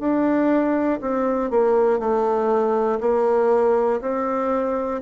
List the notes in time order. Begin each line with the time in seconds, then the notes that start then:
0.00 D4
1.01 C4
1.50 A#3
1.99 A3
3.00 A#3
4.01 C4